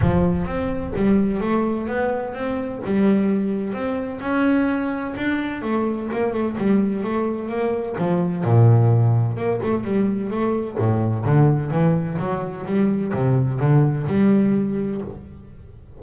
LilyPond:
\new Staff \with { instrumentName = "double bass" } { \time 4/4 \tempo 4 = 128 f4 c'4 g4 a4 | b4 c'4 g2 | c'4 cis'2 d'4 | a4 ais8 a8 g4 a4 |
ais4 f4 ais,2 | ais8 a8 g4 a4 a,4 | d4 e4 fis4 g4 | c4 d4 g2 | }